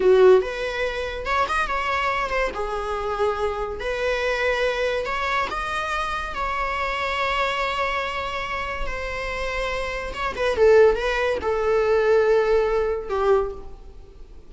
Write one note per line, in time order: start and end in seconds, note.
0.00 0.41 F#4
0.41 1.25 B4
1.25 1.47 C#5
1.48 1.67 D#5
1.67 2.29 C#5
2.29 2.50 C5
2.54 3.80 G#4
3.80 5.05 B4
5.05 5.48 C#5
5.50 6.34 D#5
6.34 8.86 C#5
8.86 10.13 C5
10.13 10.34 C#5
10.36 10.56 B4
10.56 10.95 A4
10.95 11.38 B4
11.41 13.09 A4
13.09 13.51 G4